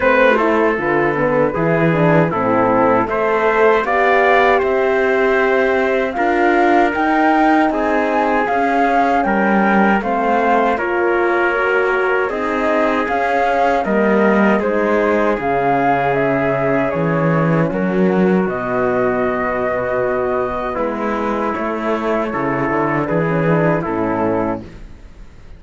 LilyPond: <<
  \new Staff \with { instrumentName = "flute" } { \time 4/4 \tempo 4 = 78 c''4 b'2 a'4 | e''4 f''4 e''2 | f''4 g''4 gis''4 f''4 | g''4 f''4 cis''2 |
dis''4 f''4 dis''4 c''4 | f''4 e''4 cis''4 ais'4 | dis''2. b'4 | cis''2 b'4 a'4 | }
  \new Staff \with { instrumentName = "trumpet" } { \time 4/4 b'8 a'4. gis'4 e'4 | c''4 d''4 c''2 | ais'2 gis'2 | ais'4 c''4 ais'2 |
gis'2 ais'4 gis'4~ | gis'2. fis'4~ | fis'2. e'4~ | e'4 a'4 gis'4 e'4 | }
  \new Staff \with { instrumentName = "horn" } { \time 4/4 c'8 e'8 f'8 b8 e'8 d'8 c'4 | a'4 g'2. | f'4 dis'2 cis'4~ | cis'4 c'4 f'4 fis'4 |
dis'4 cis'4 ais4 dis'4 | cis'1 | b1 | a4 e'4 d'16 cis'16 d'8 cis'4 | }
  \new Staff \with { instrumentName = "cello" } { \time 4/4 a4 d4 e4 a,4 | a4 b4 c'2 | d'4 dis'4 c'4 cis'4 | g4 a4 ais2 |
c'4 cis'4 g4 gis4 | cis2 e4 fis4 | b,2. gis4 | a4 cis8 d8 e4 a,4 | }
>>